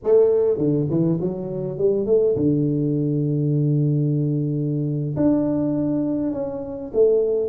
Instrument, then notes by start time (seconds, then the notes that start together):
tuba
0.03 A3
0.57 D3
0.90 E3
1.20 F#3
1.78 G3
2.06 A3
2.36 D3
5.16 D4
6.32 C#4
6.93 A3